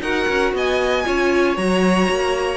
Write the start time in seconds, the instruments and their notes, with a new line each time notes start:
0.00 cello D#4, viola F#4, violin A#4 F#5
0.27 cello C#4
0.53 cello B3, violin D#5 G#5
1.04 cello C#4, viola F4, violin C#5
1.57 cello F#3, viola F#4, violin A#5
2.09 cello A#3